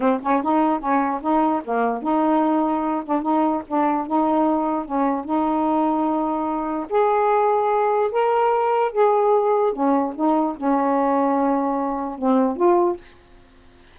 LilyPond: \new Staff \with { instrumentName = "saxophone" } { \time 4/4 \tempo 4 = 148 c'8 cis'8 dis'4 cis'4 dis'4 | ais4 dis'2~ dis'8 d'8 | dis'4 d'4 dis'2 | cis'4 dis'2.~ |
dis'4 gis'2. | ais'2 gis'2 | cis'4 dis'4 cis'2~ | cis'2 c'4 f'4 | }